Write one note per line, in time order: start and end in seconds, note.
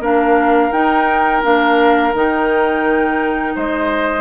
0.00 0.71 A#3
0.00 0.72 D4
0.00 3.54 A#4
0.00 0.72 F5
0.71 1.42 D#4
0.71 1.43 D#4
0.71 1.43 G5
1.43 2.14 A#3
1.43 2.14 D4
1.43 2.15 F5
2.14 3.56 D#3
2.14 4.21 D#4
2.14 3.58 G5
3.56 4.21 G#3
3.56 4.21 C5
3.56 4.21 D#5